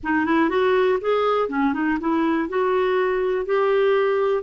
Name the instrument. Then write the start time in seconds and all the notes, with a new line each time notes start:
clarinet
0.03 D#4
0.25 E4
0.49 F#4
1.00 G#4
1.49 C#4
1.73 D#4
1.99 E4
2.48 F#4
3.45 G4